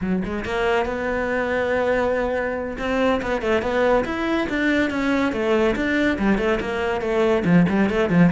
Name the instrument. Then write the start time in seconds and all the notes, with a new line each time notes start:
cello
0.01 F#3
0.25 G#3
0.44 A#3
0.85 B3
2.78 C4
3.21 B3
3.41 A3
3.62 B3
4.04 E4
4.49 D4
4.90 C#4
5.32 A3
5.75 D4
6.18 G3
6.38 A3
6.60 A#3
7.01 A3
7.44 F3
7.68 G3
7.89 A3
8.09 F3